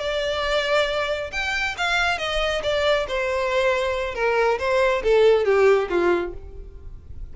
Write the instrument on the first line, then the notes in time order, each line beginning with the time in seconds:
violin
0.00 D5
1.32 G5
1.78 F5
2.19 D#5
2.63 D5
3.08 C5
4.15 A#4
4.59 C5
5.04 A4
5.45 G4
5.90 F4